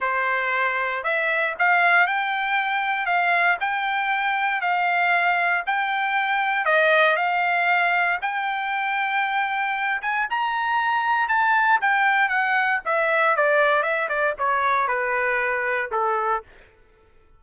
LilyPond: \new Staff \with { instrumentName = "trumpet" } { \time 4/4 \tempo 4 = 117 c''2 e''4 f''4 | g''2 f''4 g''4~ | g''4 f''2 g''4~ | g''4 dis''4 f''2 |
g''2.~ g''8 gis''8 | ais''2 a''4 g''4 | fis''4 e''4 d''4 e''8 d''8 | cis''4 b'2 a'4 | }